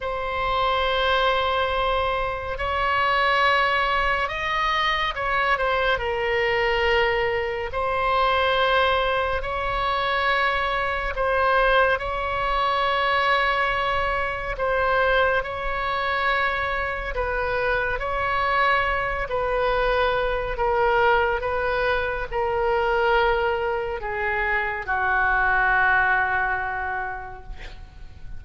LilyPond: \new Staff \with { instrumentName = "oboe" } { \time 4/4 \tempo 4 = 70 c''2. cis''4~ | cis''4 dis''4 cis''8 c''8 ais'4~ | ais'4 c''2 cis''4~ | cis''4 c''4 cis''2~ |
cis''4 c''4 cis''2 | b'4 cis''4. b'4. | ais'4 b'4 ais'2 | gis'4 fis'2. | }